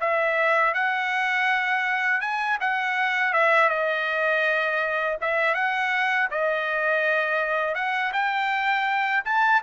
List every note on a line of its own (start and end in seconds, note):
0.00 0.74 E5
0.74 2.21 F#5
2.21 2.58 G#5
2.60 3.33 F#5
3.33 3.69 E5
3.69 5.17 D#5
5.21 5.54 E5
5.54 6.28 F#5
6.31 7.75 D#5
7.75 8.12 F#5
8.12 9.23 G5
9.25 9.62 A5